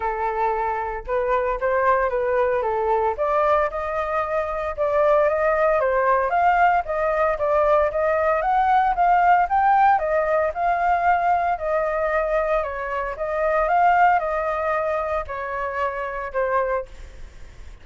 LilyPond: \new Staff \with { instrumentName = "flute" } { \time 4/4 \tempo 4 = 114 a'2 b'4 c''4 | b'4 a'4 d''4 dis''4~ | dis''4 d''4 dis''4 c''4 | f''4 dis''4 d''4 dis''4 |
fis''4 f''4 g''4 dis''4 | f''2 dis''2 | cis''4 dis''4 f''4 dis''4~ | dis''4 cis''2 c''4 | }